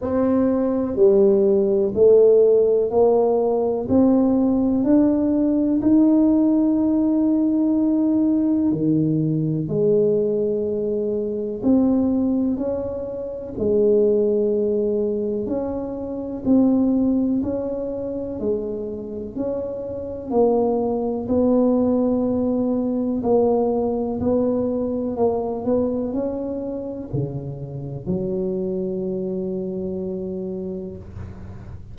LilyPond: \new Staff \with { instrumentName = "tuba" } { \time 4/4 \tempo 4 = 62 c'4 g4 a4 ais4 | c'4 d'4 dis'2~ | dis'4 dis4 gis2 | c'4 cis'4 gis2 |
cis'4 c'4 cis'4 gis4 | cis'4 ais4 b2 | ais4 b4 ais8 b8 cis'4 | cis4 fis2. | }